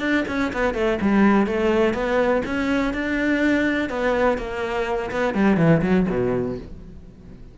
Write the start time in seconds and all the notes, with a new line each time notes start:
0.00 D4
0.28 C#4
0.53 B3
0.74 A3
1.01 G3
1.47 A3
1.94 B3
2.45 C#4
2.94 D4
3.90 B3
4.38 A#3
5.11 B3
5.34 G3
5.57 E3
5.82 F#3
6.10 B2